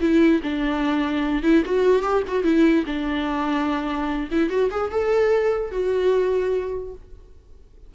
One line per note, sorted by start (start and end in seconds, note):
0.00 0.41 E4
0.42 1.43 D4
1.43 1.63 E4
1.65 2.02 F#4
2.02 2.23 G4
2.27 2.43 F#4
2.43 2.84 E4
2.86 4.29 D4
4.31 4.49 E4
4.49 4.70 F#4
4.71 4.91 G#4
4.91 5.71 A4
5.71 6.93 F#4